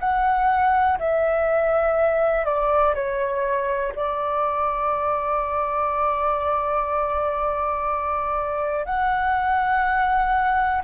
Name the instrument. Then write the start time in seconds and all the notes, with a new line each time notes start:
flute
0.00 F#5
0.99 E5
2.45 D5
2.95 C#5
3.96 D5
8.86 F#5